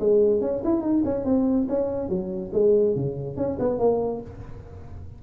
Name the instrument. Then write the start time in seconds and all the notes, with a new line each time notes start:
tuba
0.00 G#3
0.41 C#4
0.64 E4
0.82 D#4
1.04 C#4
1.25 C4
1.68 C#4
2.09 F#3
2.53 G#3
2.96 C#3
3.37 C#4
3.59 B3
3.79 A#3